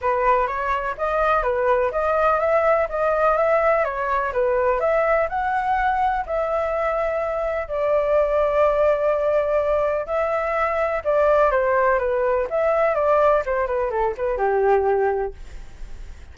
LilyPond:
\new Staff \with { instrumentName = "flute" } { \time 4/4 \tempo 4 = 125 b'4 cis''4 dis''4 b'4 | dis''4 e''4 dis''4 e''4 | cis''4 b'4 e''4 fis''4~ | fis''4 e''2. |
d''1~ | d''4 e''2 d''4 | c''4 b'4 e''4 d''4 | c''8 b'8 a'8 b'8 g'2 | }